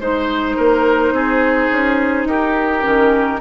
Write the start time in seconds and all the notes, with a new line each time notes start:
0.00 G#3 D#4 C5
0.56 A#3 A#4
1.12 C4 G#4
1.72 C#4
2.25 D#4 G4 A#4
2.82 D#3 C#4